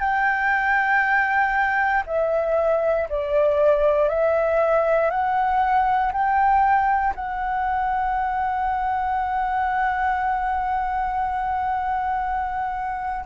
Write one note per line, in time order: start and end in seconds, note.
0.00 2.03 G5
2.06 3.08 E5
3.09 4.09 D5
4.09 5.10 E5
5.10 6.12 F#5
6.12 7.14 G5
7.15 13.25 F#5